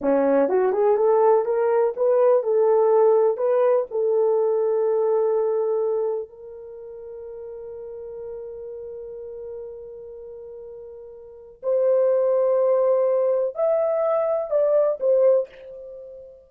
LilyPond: \new Staff \with { instrumentName = "horn" } { \time 4/4 \tempo 4 = 124 cis'4 fis'8 gis'8 a'4 ais'4 | b'4 a'2 b'4 | a'1~ | a'4 ais'2.~ |
ais'1~ | ais'1 | c''1 | e''2 d''4 c''4 | }